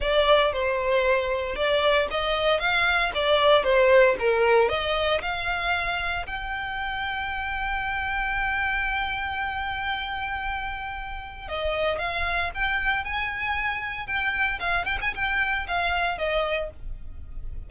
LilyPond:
\new Staff \with { instrumentName = "violin" } { \time 4/4 \tempo 4 = 115 d''4 c''2 d''4 | dis''4 f''4 d''4 c''4 | ais'4 dis''4 f''2 | g''1~ |
g''1~ | g''2 dis''4 f''4 | g''4 gis''2 g''4 | f''8 g''16 gis''16 g''4 f''4 dis''4 | }